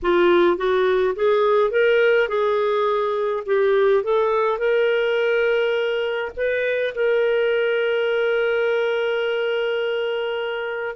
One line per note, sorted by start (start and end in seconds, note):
0.02 0.57 F4
0.57 1.14 F#4
1.15 1.70 G#4
1.70 2.28 A#4
2.28 3.43 G#4
3.46 4.03 G4
4.03 4.58 A4
4.58 6.31 A#4
6.36 6.94 B4
6.94 10.95 A#4